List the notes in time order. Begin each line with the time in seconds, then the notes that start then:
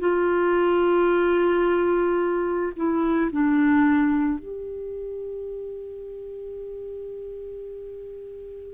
0.00 F4
2.77 E4
3.32 D4
4.39 G4